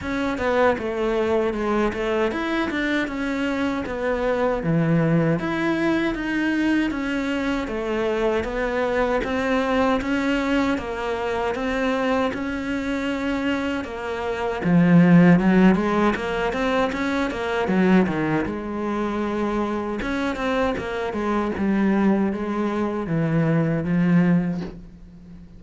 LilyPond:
\new Staff \with { instrumentName = "cello" } { \time 4/4 \tempo 4 = 78 cis'8 b8 a4 gis8 a8 e'8 d'8 | cis'4 b4 e4 e'4 | dis'4 cis'4 a4 b4 | c'4 cis'4 ais4 c'4 |
cis'2 ais4 f4 | fis8 gis8 ais8 c'8 cis'8 ais8 fis8 dis8 | gis2 cis'8 c'8 ais8 gis8 | g4 gis4 e4 f4 | }